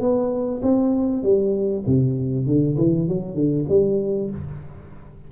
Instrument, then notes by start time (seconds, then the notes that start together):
tuba
0.00 B3
0.63 C4
1.23 G3
1.86 C3
2.46 D3
2.78 E3
3.08 F#3
3.35 D3
3.69 G3